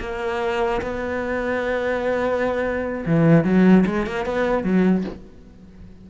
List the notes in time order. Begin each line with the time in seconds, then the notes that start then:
0.00 A#3
0.82 B3
3.06 E3
3.44 F#3
3.86 G#3
4.07 A#3
4.26 B3
4.63 F#3